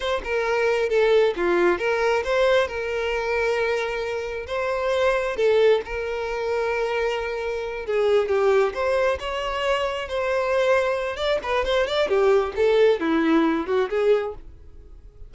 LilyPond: \new Staff \with { instrumentName = "violin" } { \time 4/4 \tempo 4 = 134 c''8 ais'4. a'4 f'4 | ais'4 c''4 ais'2~ | ais'2 c''2 | a'4 ais'2.~ |
ais'4. gis'4 g'4 c''8~ | c''8 cis''2 c''4.~ | c''4 d''8 b'8 c''8 d''8 g'4 | a'4 e'4. fis'8 gis'4 | }